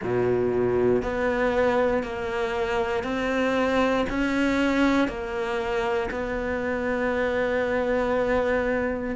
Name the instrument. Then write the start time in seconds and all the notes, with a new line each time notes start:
cello
0.02 B2
1.02 B3
2.03 A#3
3.03 C4
4.09 C#4
5.08 A#3
6.10 B3